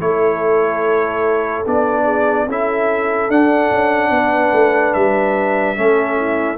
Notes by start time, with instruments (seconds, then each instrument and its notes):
0.00 tuba A3, trombone E4, horn A4, trumpet C#5
1.66 tuba B3, trombone D4, trumpet D5
2.04 horn G#4
2.46 tuba C#4, trombone E4, horn A4, trumpet E5
3.29 tuba D4, trombone D4, trumpet F#5
3.70 tuba C#4
4.10 tuba B3, horn B4
4.52 tuba A3
4.93 tuba G3, trumpet E5
5.76 tuba A3, trombone C#4, horn A4
6.16 horn E4